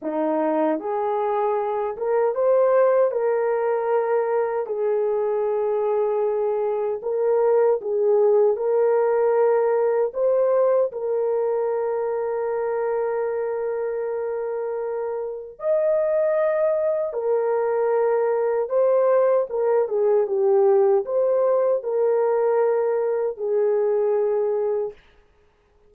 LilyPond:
\new Staff \with { instrumentName = "horn" } { \time 4/4 \tempo 4 = 77 dis'4 gis'4. ais'8 c''4 | ais'2 gis'2~ | gis'4 ais'4 gis'4 ais'4~ | ais'4 c''4 ais'2~ |
ais'1 | dis''2 ais'2 | c''4 ais'8 gis'8 g'4 c''4 | ais'2 gis'2 | }